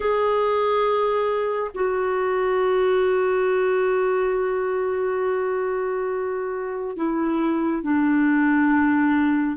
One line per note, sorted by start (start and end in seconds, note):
0.00 1.71 G#4
1.74 6.96 F#4
6.96 7.82 E4
7.82 9.56 D4